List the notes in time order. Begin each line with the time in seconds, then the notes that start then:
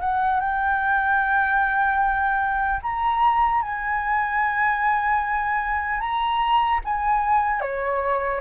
0.00 F#5
0.40 G5
2.83 A#5
3.62 G#5
6.00 A#5
6.84 G#5
7.60 C#5